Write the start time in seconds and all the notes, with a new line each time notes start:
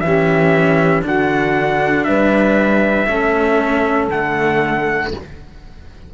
0.00 E3 G4 E5
0.06 C#4
1.02 D3 D4 F#4 F#5
2.04 G3 B4 E5
3.07 A3 C#4 A4
4.08 D3 A3 F#5